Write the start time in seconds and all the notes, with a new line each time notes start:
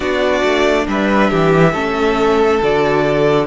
0.00 B3 D4 F#4 D5
0.43 A3
0.87 G3 B4 E5
1.30 E3 G4
1.72 A3 C#4 A4
2.62 D3 F#4 D5